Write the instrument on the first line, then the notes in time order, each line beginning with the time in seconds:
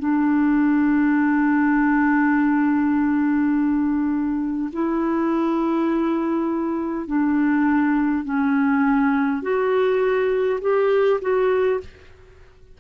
clarinet
0.00 D4
4.73 E4
7.07 D4
8.25 C#4
9.43 F#4
10.61 G4
11.22 F#4